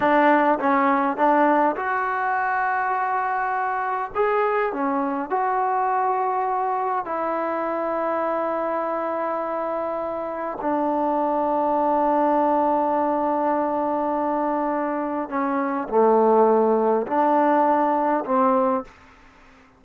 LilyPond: \new Staff \with { instrumentName = "trombone" } { \time 4/4 \tempo 4 = 102 d'4 cis'4 d'4 fis'4~ | fis'2. gis'4 | cis'4 fis'2. | e'1~ |
e'2 d'2~ | d'1~ | d'2 cis'4 a4~ | a4 d'2 c'4 | }